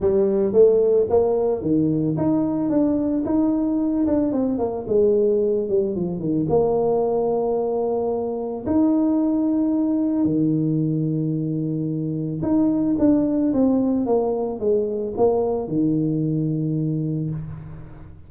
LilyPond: \new Staff \with { instrumentName = "tuba" } { \time 4/4 \tempo 4 = 111 g4 a4 ais4 dis4 | dis'4 d'4 dis'4. d'8 | c'8 ais8 gis4. g8 f8 dis8 | ais1 |
dis'2. dis4~ | dis2. dis'4 | d'4 c'4 ais4 gis4 | ais4 dis2. | }